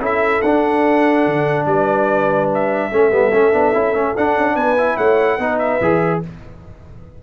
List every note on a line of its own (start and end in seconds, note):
0.00 0.41 C#4
0.00 0.42 E4
0.00 1.67 A4
0.00 0.42 E5
0.42 1.26 D4
0.42 2.92 D4
0.42 1.66 F#5
1.26 1.66 D3
1.66 2.90 G3
1.66 2.91 B4
1.66 2.49 D5
2.54 4.17 E5
2.91 3.12 A3
2.91 3.11 C#4
2.91 4.56 A4
3.11 3.33 G3
3.11 3.32 B3
3.33 3.54 A3
3.33 3.53 C#4
3.53 3.74 B3
3.53 3.74 D4
3.74 3.93 C#4
3.74 3.95 E4
3.93 4.14 A3
3.93 4.15 C#4
4.17 4.38 D4
4.17 4.77 D4
4.17 4.56 F#5
4.38 4.56 C#4
4.56 4.97 B3
4.56 4.97 B4
4.56 4.97 G#5
4.77 5.39 E4
4.97 5.39 A3
4.97 5.38 C#5
4.97 5.59 F#5
5.38 5.80 B3
5.38 5.81 D#4
5.38 6.21 B4
5.59 6.21 E5
5.81 6.22 E3
5.81 6.23 G#4